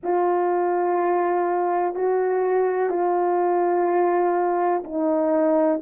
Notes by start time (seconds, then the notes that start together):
0.03 F4
1.94 F#4
2.89 F4
4.83 D#4